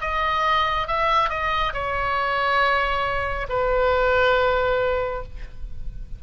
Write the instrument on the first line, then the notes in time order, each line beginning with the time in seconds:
oboe
0.00 D#5
0.87 E5
1.29 D#5
1.73 C#5
3.49 B4